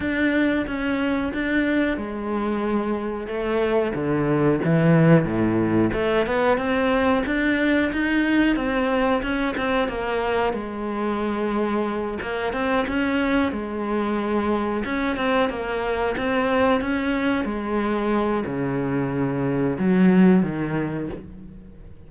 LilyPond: \new Staff \with { instrumentName = "cello" } { \time 4/4 \tempo 4 = 91 d'4 cis'4 d'4 gis4~ | gis4 a4 d4 e4 | a,4 a8 b8 c'4 d'4 | dis'4 c'4 cis'8 c'8 ais4 |
gis2~ gis8 ais8 c'8 cis'8~ | cis'8 gis2 cis'8 c'8 ais8~ | ais8 c'4 cis'4 gis4. | cis2 fis4 dis4 | }